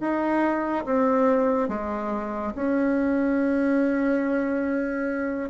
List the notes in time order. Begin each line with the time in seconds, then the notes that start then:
0.00 D#4
0.85 C4
1.68 G#3
2.55 C#4